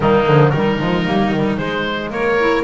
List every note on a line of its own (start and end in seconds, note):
0.00 0.26 D#3
0.00 0.25 G3
0.00 0.52 A#3
0.00 0.50 D#4
0.26 0.52 D3
0.26 0.53 F3
0.50 0.79 D#3
0.50 0.80 G3
0.50 2.10 D#4
0.50 1.55 A#4
0.80 1.06 F3
0.80 1.06 G#3
1.06 1.32 G3
1.06 1.32 A#3
1.32 1.57 D#3
1.32 1.57 G3
1.57 2.09 G#3
1.57 2.36 G#3
1.57 2.10 C5
2.09 2.62 A#3
2.09 2.63 A#4
2.09 2.63 C#5
2.39 2.63 E4